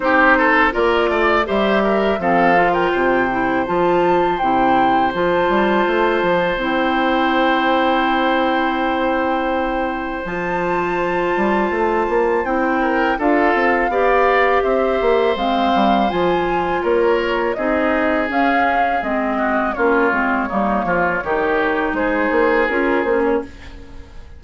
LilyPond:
<<
  \new Staff \with { instrumentName = "flute" } { \time 4/4 \tempo 4 = 82 c''4 d''4 e''4 f''8. g''16~ | g''4 a''4 g''4 a''4~ | a''4 g''2.~ | g''2 a''2~ |
a''4 g''4 f''2 | e''4 f''4 gis''4 cis''4 | dis''4 f''4 dis''4 cis''4~ | cis''2 c''4 ais'8 c''16 cis''16 | }
  \new Staff \with { instrumentName = "oboe" } { \time 4/4 g'8 a'8 ais'8 d''8 c''8 ais'8 a'8. ais'16 | c''1~ | c''1~ | c''1~ |
c''4. ais'8 a'4 d''4 | c''2. ais'4 | gis'2~ gis'8 fis'8 f'4 | dis'8 f'8 g'4 gis'2 | }
  \new Staff \with { instrumentName = "clarinet" } { \time 4/4 dis'4 f'4 g'4 c'8 f'8~ | f'8 e'8 f'4 e'4 f'4~ | f'4 e'2.~ | e'2 f'2~ |
f'4 e'4 f'4 g'4~ | g'4 c'4 f'2 | dis'4 cis'4 c'4 cis'8 c'8 | ais4 dis'2 f'8 cis'8 | }
  \new Staff \with { instrumentName = "bassoon" } { \time 4/4 c'4 ais8 a8 g4 f4 | c4 f4 c4 f8 g8 | a8 f8 c'2.~ | c'2 f4. g8 |
a8 ais8 c'4 d'8 c'8 b4 | c'8 ais8 gis8 g8 f4 ais4 | c'4 cis'4 gis4 ais8 gis8 | g8 f8 dis4 gis8 ais8 cis'8 ais8 | }
>>